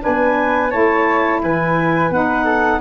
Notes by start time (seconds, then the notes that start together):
0.00 D4 B4 G#5
0.07 B3
0.70 A3 E4 C#5 A5
1.43 E3 B4 G#5
2.10 B3 D#4 F#5
2.44 A4